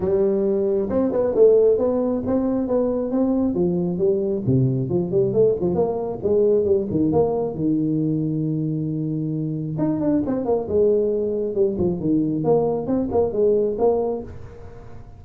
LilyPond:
\new Staff \with { instrumentName = "tuba" } { \time 4/4 \tempo 4 = 135 g2 c'8 b8 a4 | b4 c'4 b4 c'4 | f4 g4 c4 f8 g8 | a8 f8 ais4 gis4 g8 dis8 |
ais4 dis2.~ | dis2 dis'8 d'8 c'8 ais8 | gis2 g8 f8 dis4 | ais4 c'8 ais8 gis4 ais4 | }